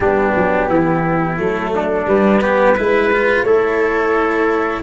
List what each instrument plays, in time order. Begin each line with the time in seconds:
0.00 tuba G3, cello B3, trumpet D4, flute G4
0.36 tuba F#3
0.69 tuba E3, trumpet E4
1.36 tuba F#3, cello A3, flute A4
1.75 trumpet D4
2.06 tuba G3, cello G3, flute B4
2.41 cello B3, trumpet G4
2.74 tuba G#3, cello E4, trumpet B4
3.12 cello F4
3.43 tuba A3, cello E4, trumpet A4, flute C#5